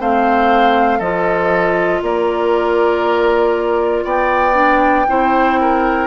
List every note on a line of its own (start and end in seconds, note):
0.00 1.00 A3
0.00 1.02 C4
0.00 0.99 C5
0.00 1.01 F5
0.99 2.02 F3
0.99 4.55 F4
0.99 2.00 A4
0.99 2.02 D#5
2.02 4.05 A#3
2.02 4.05 A#4
2.02 4.05 D5
4.05 5.07 B3
4.05 5.06 D5
4.05 6.08 G5
4.55 5.06 D4
5.08 6.08 C4
5.08 6.08 E4
5.08 5.60 C5
5.61 6.08 A#4